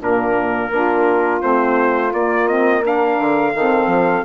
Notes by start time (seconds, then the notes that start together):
0.00 A#2 A#3 D4 A#4
0.71 A#3 D4 F4
1.41 A3 C4 C5
2.13 A#3 D5
2.48 C4 D#5
2.82 D4 A#4 F5
3.19 D3
3.55 D#3 C4 A4
3.87 F3